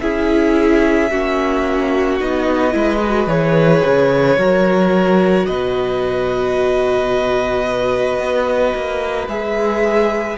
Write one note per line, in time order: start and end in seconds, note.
0.00 1.11 C#4
0.00 1.11 E4
0.00 1.11 G#4
0.00 2.18 E5
1.11 2.21 A#3
1.11 2.20 C#4
1.11 2.75 F#4
2.20 2.74 B3
2.20 2.71 D#4
2.20 3.29 D#5
2.71 3.27 G#3
2.71 2.99 E4
2.71 4.38 B4
3.06 3.27 F#4
3.27 3.82 E3
3.27 4.37 G#4
3.27 5.46 C#5
3.86 4.37 C#3
4.37 5.46 F#3
4.37 9.29 F#4
4.37 5.47 A#4
5.46 8.19 B2
5.46 10.38 B4
5.46 9.28 D#5
8.19 8.74 B3
8.75 9.27 A#3
9.27 10.37 G#3
9.27 10.38 G#4
9.27 10.38 E5